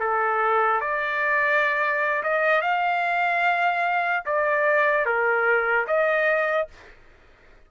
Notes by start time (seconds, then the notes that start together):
0.00 A4
0.81 D5
2.23 D#5
2.62 F5
4.26 D5
5.05 A#4
5.87 D#5